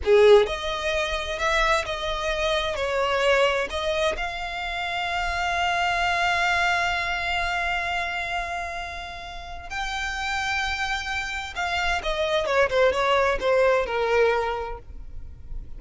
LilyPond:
\new Staff \with { instrumentName = "violin" } { \time 4/4 \tempo 4 = 130 gis'4 dis''2 e''4 | dis''2 cis''2 | dis''4 f''2.~ | f''1~ |
f''1~ | f''4 g''2.~ | g''4 f''4 dis''4 cis''8 c''8 | cis''4 c''4 ais'2 | }